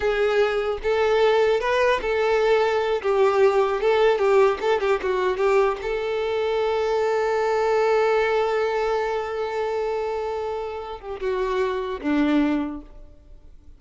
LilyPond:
\new Staff \with { instrumentName = "violin" } { \time 4/4 \tempo 4 = 150 gis'2 a'2 | b'4 a'2~ a'8 g'8~ | g'4. a'4 g'4 a'8 | g'8 fis'4 g'4 a'4.~ |
a'1~ | a'1~ | a'2.~ a'8 g'8 | fis'2 d'2 | }